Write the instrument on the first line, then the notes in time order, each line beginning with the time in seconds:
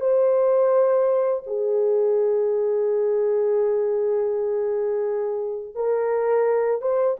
horn
0.00 C5
1.46 G#4
5.75 A#4
6.81 C5